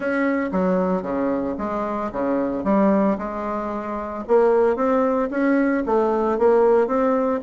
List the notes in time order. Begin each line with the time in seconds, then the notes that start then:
0.00 C#4
0.52 F#3
1.02 C#3
1.58 G#3
2.11 C#3
2.64 G3
3.18 G#3
4.27 A#3
4.76 C4
5.30 C#4
5.86 A3
6.38 A#3
6.87 C4